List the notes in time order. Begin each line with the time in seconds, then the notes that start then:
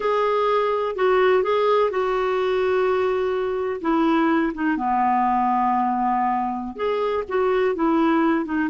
0.00 G#4
0.95 F#4
1.43 G#4
1.90 F#4
3.81 E4
4.54 D#4
4.77 B3
6.76 G#4
7.28 F#4
7.75 E4
8.45 D#4